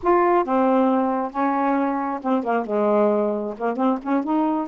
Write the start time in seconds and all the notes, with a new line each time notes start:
0.02 F4
0.44 C4
1.31 C#4
2.22 C4
2.43 A#3
2.65 G#3
3.57 A#3
3.76 C4
4.02 C#4
4.23 D#4